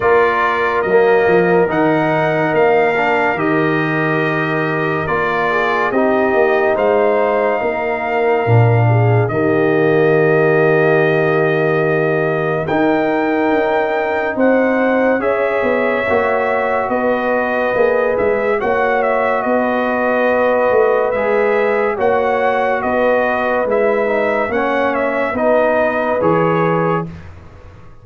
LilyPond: <<
  \new Staff \with { instrumentName = "trumpet" } { \time 4/4 \tempo 4 = 71 d''4 dis''4 fis''4 f''4 | dis''2 d''4 dis''4 | f''2. dis''4~ | dis''2. g''4~ |
g''4 fis''4 e''2 | dis''4. e''8 fis''8 e''8 dis''4~ | dis''4 e''4 fis''4 dis''4 | e''4 fis''8 e''8 dis''4 cis''4 | }
  \new Staff \with { instrumentName = "horn" } { \time 4/4 ais'1~ | ais'2~ ais'8 gis'8 g'4 | c''4 ais'4. gis'8 g'4~ | g'2. ais'4~ |
ais'4 c''4 cis''2 | b'2 cis''4 b'4~ | b'2 cis''4 b'4~ | b'4 cis''4 b'2 | }
  \new Staff \with { instrumentName = "trombone" } { \time 4/4 f'4 ais4 dis'4. d'8 | g'2 f'4 dis'4~ | dis'2 d'4 ais4~ | ais2. dis'4~ |
dis'2 gis'4 fis'4~ | fis'4 gis'4 fis'2~ | fis'4 gis'4 fis'2 | e'8 dis'8 cis'4 dis'4 gis'4 | }
  \new Staff \with { instrumentName = "tuba" } { \time 4/4 ais4 fis8 f8 dis4 ais4 | dis2 ais4 c'8 ais8 | gis4 ais4 ais,4 dis4~ | dis2. dis'4 |
cis'4 c'4 cis'8 b8 ais4 | b4 ais8 gis8 ais4 b4~ | b8 a8 gis4 ais4 b4 | gis4 ais4 b4 e4 | }
>>